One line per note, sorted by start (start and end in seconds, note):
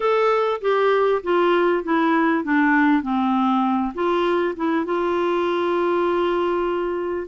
0.00 0.60 A4
0.61 1.21 G4
1.23 1.83 F4
1.83 2.44 E4
2.44 3.02 D4
3.02 3.93 C4
3.94 4.55 F4
4.56 4.85 E4
4.85 7.27 F4